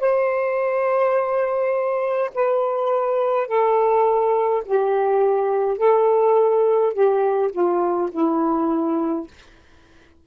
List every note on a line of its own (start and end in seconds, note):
0.00 2.31 C5
2.34 3.47 B4
3.47 4.63 A4
4.65 5.78 G4
5.78 6.93 A4
6.93 7.51 G4
7.52 8.09 F4
8.11 9.27 E4